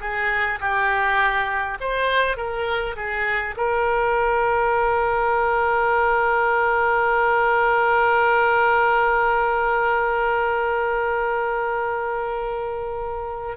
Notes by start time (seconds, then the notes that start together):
0.00 G#4
0.60 G4
1.80 C5
2.36 A#4
2.96 G#4
3.57 A#4